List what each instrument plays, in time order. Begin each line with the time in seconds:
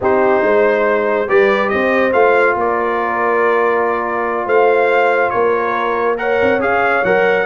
0.00 tuba C4, trombone D#4, horn G4, trumpet C5
0.42 tuba G#3, horn C5
1.27 tuba G3, trombone G4, horn B4, trumpet D5
1.69 tuba C4, horn C5, trumpet D#5
2.12 tuba A3, trombone F4, trumpet F5
2.55 tuba A#3, horn A#4, trumpet D5
4.45 tuba A3, horn C5, trumpet F5
5.30 tuba A#3, horn A#4, trumpet C#5
6.17 trombone A#4, horn C#5, trumpet F#5
6.42 tuba C4
6.59 tuba C#4, trombone G#4, trumpet F5
7.03 tuba F#3, trombone A#4, trumpet F#5